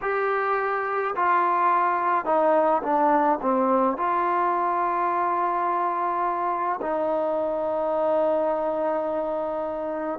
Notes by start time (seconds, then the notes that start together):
0.01 G4
1.15 F4
2.25 D#4
2.83 D4
3.41 C4
3.97 F4
6.81 D#4